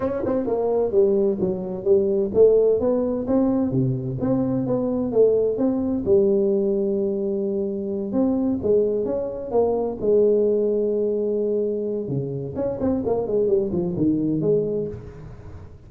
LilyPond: \new Staff \with { instrumentName = "tuba" } { \time 4/4 \tempo 4 = 129 cis'8 c'8 ais4 g4 fis4 | g4 a4 b4 c'4 | c4 c'4 b4 a4 | c'4 g2.~ |
g4. c'4 gis4 cis'8~ | cis'8 ais4 gis2~ gis8~ | gis2 cis4 cis'8 c'8 | ais8 gis8 g8 f8 dis4 gis4 | }